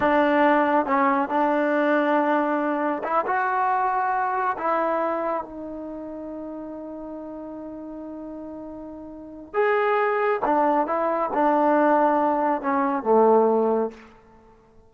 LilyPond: \new Staff \with { instrumentName = "trombone" } { \time 4/4 \tempo 4 = 138 d'2 cis'4 d'4~ | d'2. e'8 fis'8~ | fis'2~ fis'8 e'4.~ | e'8 dis'2.~ dis'8~ |
dis'1~ | dis'2 gis'2 | d'4 e'4 d'2~ | d'4 cis'4 a2 | }